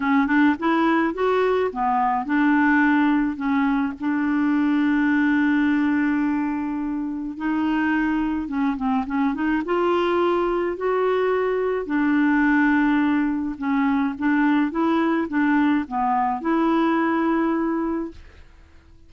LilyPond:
\new Staff \with { instrumentName = "clarinet" } { \time 4/4 \tempo 4 = 106 cis'8 d'8 e'4 fis'4 b4 | d'2 cis'4 d'4~ | d'1~ | d'4 dis'2 cis'8 c'8 |
cis'8 dis'8 f'2 fis'4~ | fis'4 d'2. | cis'4 d'4 e'4 d'4 | b4 e'2. | }